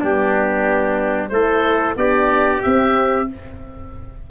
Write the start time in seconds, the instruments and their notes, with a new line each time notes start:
0.00 tuba G3, horn B3, trumpet D4, oboe G4
1.29 tuba A3, horn E4, trumpet A4, oboe C5
1.96 tuba B3, horn D4, trumpet G4, oboe D5
2.62 horn C4, tuba C4, oboe E5